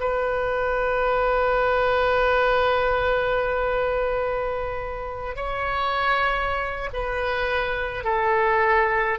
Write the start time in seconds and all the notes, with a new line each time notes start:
0.00 B4
5.36 C#5
6.93 B4
8.04 A4